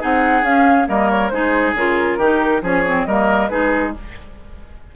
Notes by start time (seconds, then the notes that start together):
0.00 C4 D#4 G#4 F#5
0.43 C#4 F5
0.86 G3 A#3 A#4 D#5
1.10 C#5
1.29 G#3 D#4 G#4 C5
1.74 C#3 F4 A#4
2.18 D#3 D#4 G4
2.62 F3 C#4 G#4 C#5
2.86 C4
3.06 G3 A#3 A#4 D#5
3.48 G#3 D#4 G#4 B4